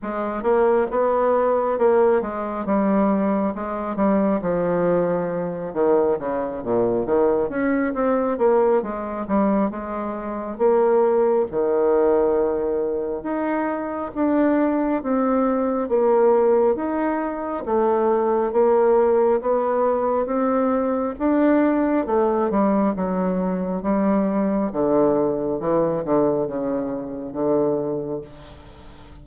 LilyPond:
\new Staff \with { instrumentName = "bassoon" } { \time 4/4 \tempo 4 = 68 gis8 ais8 b4 ais8 gis8 g4 | gis8 g8 f4. dis8 cis8 ais,8 | dis8 cis'8 c'8 ais8 gis8 g8 gis4 | ais4 dis2 dis'4 |
d'4 c'4 ais4 dis'4 | a4 ais4 b4 c'4 | d'4 a8 g8 fis4 g4 | d4 e8 d8 cis4 d4 | }